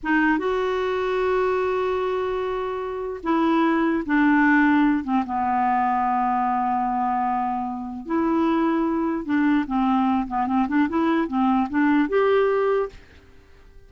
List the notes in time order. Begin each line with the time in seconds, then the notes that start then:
0.03 D#4
0.38 F#4
3.23 E4
4.05 D4
5.04 C4
5.25 B3
8.05 E4
9.25 D4
9.66 C4
10.27 B3
10.46 C4
10.68 D4
10.89 E4
11.27 C4
11.69 D4
12.08 G4